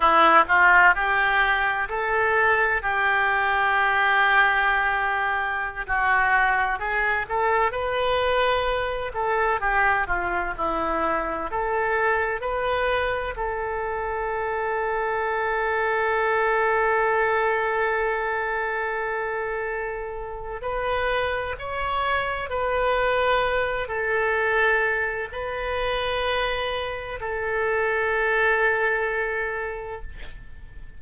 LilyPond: \new Staff \with { instrumentName = "oboe" } { \time 4/4 \tempo 4 = 64 e'8 f'8 g'4 a'4 g'4~ | g'2~ g'16 fis'4 gis'8 a'16~ | a'16 b'4. a'8 g'8 f'8 e'8.~ | e'16 a'4 b'4 a'4.~ a'16~ |
a'1~ | a'2 b'4 cis''4 | b'4. a'4. b'4~ | b'4 a'2. | }